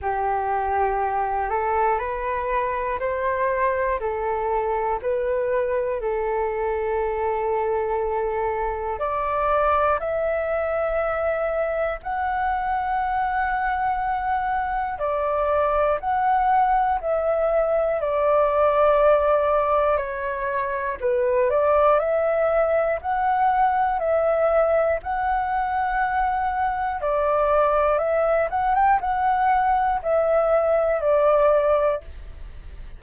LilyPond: \new Staff \with { instrumentName = "flute" } { \time 4/4 \tempo 4 = 60 g'4. a'8 b'4 c''4 | a'4 b'4 a'2~ | a'4 d''4 e''2 | fis''2. d''4 |
fis''4 e''4 d''2 | cis''4 b'8 d''8 e''4 fis''4 | e''4 fis''2 d''4 | e''8 fis''16 g''16 fis''4 e''4 d''4 | }